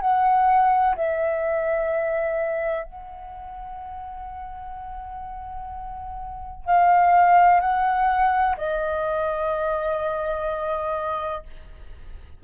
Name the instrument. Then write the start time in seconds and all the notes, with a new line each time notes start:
flute
0.00 F#5
0.96 E5
2.84 F#5
6.65 F5
7.60 F#5
8.57 D#5